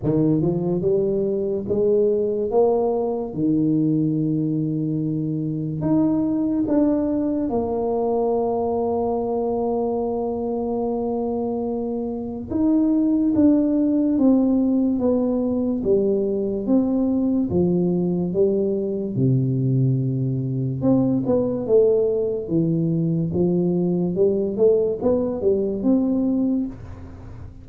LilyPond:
\new Staff \with { instrumentName = "tuba" } { \time 4/4 \tempo 4 = 72 dis8 f8 g4 gis4 ais4 | dis2. dis'4 | d'4 ais2.~ | ais2. dis'4 |
d'4 c'4 b4 g4 | c'4 f4 g4 c4~ | c4 c'8 b8 a4 e4 | f4 g8 a8 b8 g8 c'4 | }